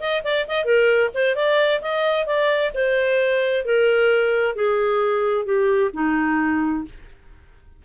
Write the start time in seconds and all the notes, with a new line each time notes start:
0.00 D#5
0.24 D5
0.48 D#5
0.64 A#4
1.14 C5
1.36 D5
1.81 D#5
2.26 D5
2.74 C5
3.65 A#4
4.55 G#4
5.45 G4
5.94 D#4